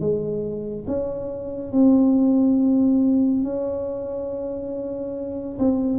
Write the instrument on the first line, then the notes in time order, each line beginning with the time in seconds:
tuba
0.00 G#3
0.87 C#4
1.72 C4
3.44 C#4
5.59 C4